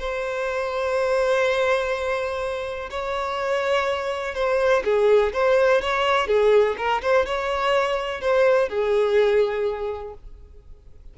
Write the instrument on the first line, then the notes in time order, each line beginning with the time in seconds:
violin
0.00 C5
2.91 C#5
4.35 C5
4.85 G#4
5.33 C5
5.82 C#5
6.28 G#4
6.78 A#4
7.02 C5
7.26 C#5
8.21 C5
8.69 G#4